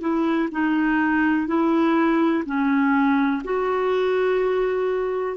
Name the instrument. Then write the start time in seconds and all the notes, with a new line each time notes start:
clarinet
0.00 E4
0.51 D#4
1.47 E4
2.45 C#4
3.44 F#4